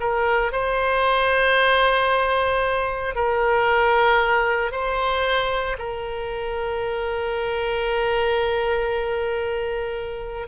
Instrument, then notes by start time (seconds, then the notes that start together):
oboe
0.00 A#4
0.52 C5
3.15 A#4
4.71 C5
5.78 A#4